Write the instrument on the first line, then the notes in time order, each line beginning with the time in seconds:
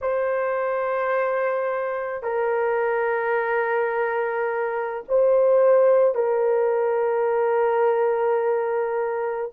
horn
0.01 C5
2.22 A#4
5.08 C5
6.15 A#4